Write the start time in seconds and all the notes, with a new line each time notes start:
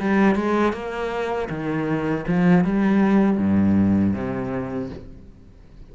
0.00 G3
0.36 G#3
0.73 A#3
1.50 D#3
2.28 F3
2.65 G3
3.38 G2
4.14 C3